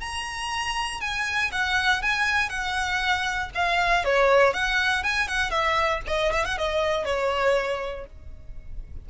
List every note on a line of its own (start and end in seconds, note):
0.00 1.01 A#5
1.01 1.51 G#5
1.52 2.02 F#5
2.02 2.49 G#5
2.49 3.50 F#5
3.55 4.04 F5
4.04 4.53 C#5
4.53 5.03 F#5
5.03 5.28 G#5
5.28 5.50 F#5
5.50 6.01 E5
6.07 6.32 D#5
6.32 6.45 E5
6.45 6.58 F#5
6.58 7.05 D#5
7.05 8.06 C#5